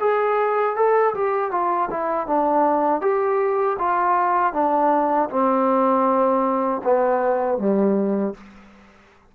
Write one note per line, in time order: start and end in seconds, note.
0.00 0.76 G#4
0.76 1.14 A4
1.15 1.51 G4
1.51 1.89 F4
1.90 2.27 E4
2.27 3.01 D4
3.01 3.77 G4
3.79 4.53 F4
4.53 5.29 D4
5.30 6.82 C4
6.84 7.58 B3
7.58 8.34 G3